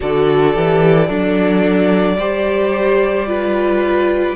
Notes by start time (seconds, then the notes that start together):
0.00 D3 F#4 A4 D5
0.53 E3 G4
1.07 F#3 D4 A4
2.17 G3 G4 C5
3.27 F4 B4